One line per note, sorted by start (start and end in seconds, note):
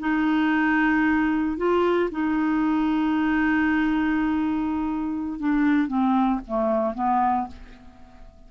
0.00 1.57 D#4
1.57 2.10 F4
2.11 5.40 D#4
5.40 5.88 D4
5.88 6.40 C4
6.47 6.95 A3
6.95 7.48 B3